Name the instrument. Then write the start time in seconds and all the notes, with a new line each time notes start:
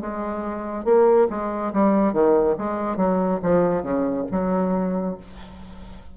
bassoon
0.00 G#3
0.84 A#3
1.29 G#3
1.73 G3
2.13 D#3
2.57 G#3
2.96 F#3
3.42 F3
3.82 C#3
4.31 F#3